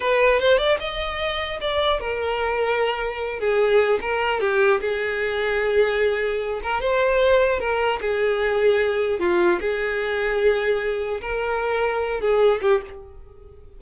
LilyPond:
\new Staff \with { instrumentName = "violin" } { \time 4/4 \tempo 4 = 150 b'4 c''8 d''8 dis''2 | d''4 ais'2.~ | ais'8 gis'4. ais'4 g'4 | gis'1~ |
gis'8 ais'8 c''2 ais'4 | gis'2. f'4 | gis'1 | ais'2~ ais'8 gis'4 g'8 | }